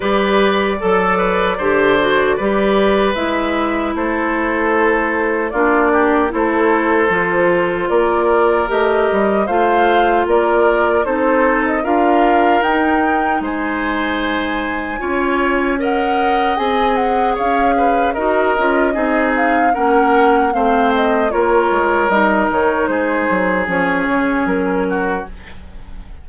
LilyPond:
<<
  \new Staff \with { instrumentName = "flute" } { \time 4/4 \tempo 4 = 76 d''1 | e''4 c''2 d''4 | c''2 d''4 dis''4 | f''4 d''4 c''8. dis''16 f''4 |
g''4 gis''2. | fis''4 gis''8 fis''8 f''4 dis''4~ | dis''8 f''8 fis''4 f''8 dis''8 cis''4 | dis''8 cis''8 c''4 cis''4 ais'4 | }
  \new Staff \with { instrumentName = "oboe" } { \time 4/4 b'4 a'8 b'8 c''4 b'4~ | b'4 a'2 f'8 g'8 | a'2 ais'2 | c''4 ais'4 a'4 ais'4~ |
ais'4 c''2 cis''4 | dis''2 cis''8 b'8 ais'4 | gis'4 ais'4 c''4 ais'4~ | ais'4 gis'2~ gis'8 fis'8 | }
  \new Staff \with { instrumentName = "clarinet" } { \time 4/4 g'4 a'4 g'8 fis'8 g'4 | e'2. d'4 | e'4 f'2 g'4 | f'2 dis'4 f'4 |
dis'2. f'4 | ais'4 gis'2 fis'8 f'8 | dis'4 cis'4 c'4 f'4 | dis'2 cis'2 | }
  \new Staff \with { instrumentName = "bassoon" } { \time 4/4 g4 fis4 d4 g4 | gis4 a2 ais4 | a4 f4 ais4 a8 g8 | a4 ais4 c'4 d'4 |
dis'4 gis2 cis'4~ | cis'4 c'4 cis'4 dis'8 cis'8 | c'4 ais4 a4 ais8 gis8 | g8 dis8 gis8 fis8 f8 cis8 fis4 | }
>>